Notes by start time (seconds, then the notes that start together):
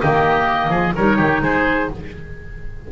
0.00 D#3 A#3 G4 D#5
0.70 F3 G#4
0.96 G3 D#4 A#4 C#5
1.17 D#3 G4
1.42 G#3 G#4 C5